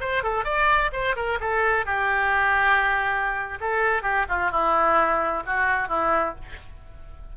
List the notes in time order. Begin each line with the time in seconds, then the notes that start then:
0.00 C5
0.23 A4
0.44 D5
0.92 C5
1.16 A#4
1.40 A4
1.85 G4
3.60 A4
4.02 G4
4.28 F4
4.51 E4
5.46 F#4
5.88 E4